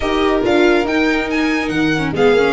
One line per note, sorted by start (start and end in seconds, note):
0.00 0.44 D#4
0.00 0.42 G4
0.00 2.14 A#4
0.00 0.40 D#5
0.42 0.84 D4
0.42 0.85 F4
0.42 0.87 F5
0.84 1.68 D#4
0.84 1.95 D#4
0.84 1.29 G5
1.30 1.68 G#5
1.68 2.11 D#3
1.68 2.11 F#5
1.97 2.14 C#4
2.12 2.32 G#3
2.12 2.36 B3
2.12 2.53 G#4
2.12 2.53 F5
2.32 2.53 A#3
2.32 2.53 C#4